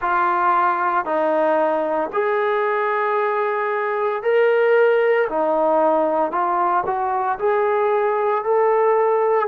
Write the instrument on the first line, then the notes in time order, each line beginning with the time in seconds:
trombone
0.00 F4
1.05 D#4
2.12 G#4
4.22 A#4
5.29 D#4
6.31 F4
6.86 F#4
7.39 G#4
8.44 A4